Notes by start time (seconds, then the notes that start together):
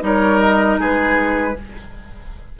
0.00 G3 D#4 A#4 C#5
0.40 D#5
0.79 G#3 G#4 B4